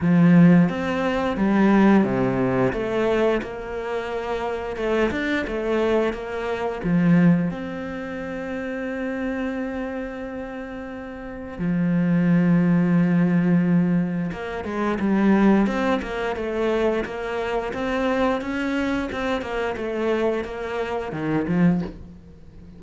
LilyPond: \new Staff \with { instrumentName = "cello" } { \time 4/4 \tempo 4 = 88 f4 c'4 g4 c4 | a4 ais2 a8 d'8 | a4 ais4 f4 c'4~ | c'1~ |
c'4 f2.~ | f4 ais8 gis8 g4 c'8 ais8 | a4 ais4 c'4 cis'4 | c'8 ais8 a4 ais4 dis8 f8 | }